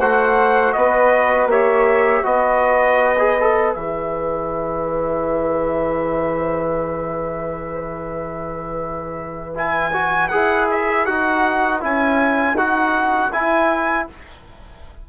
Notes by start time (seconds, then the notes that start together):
0.00 A3 F#4 C5 F#5
0.73 B3 B4 D#5
1.47 A#3 G4 C#5 E5
2.24 B3 F#4 B4 D#5
3.19 G#4
3.40 A4
3.75 E3 G#4 E5
9.55 E4 G#5
9.93 F#4
10.29 E4 G#4 F#5
10.71 E5
11.06 D#4 F#4 F#5
11.81 C#4 E4 G#5
12.55 D#4 F#4 F#5
13.33 E4 G#5